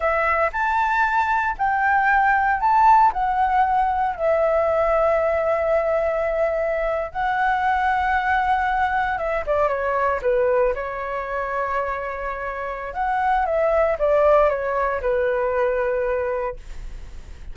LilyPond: \new Staff \with { instrumentName = "flute" } { \time 4/4 \tempo 4 = 116 e''4 a''2 g''4~ | g''4 a''4 fis''2 | e''1~ | e''4.~ e''16 fis''2~ fis''16~ |
fis''4.~ fis''16 e''8 d''8 cis''4 b'16~ | b'8. cis''2.~ cis''16~ | cis''4 fis''4 e''4 d''4 | cis''4 b'2. | }